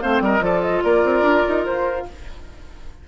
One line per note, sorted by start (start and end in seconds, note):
0.00 0.20 A3
0.00 0.40 C4
0.00 0.22 C5
0.00 0.20 F5
0.20 0.40 G3
0.20 0.44 A#4
0.20 0.44 D#5
0.40 0.81 F3
0.40 2.03 F4
0.40 0.84 A4
0.40 0.62 D5
0.62 0.82 D#5
0.83 1.04 A#3
0.83 2.06 A#4
0.83 1.64 D5
1.04 1.21 C4
1.21 1.42 D4
1.48 1.67 D#4
1.64 2.08 F4
1.64 2.05 C5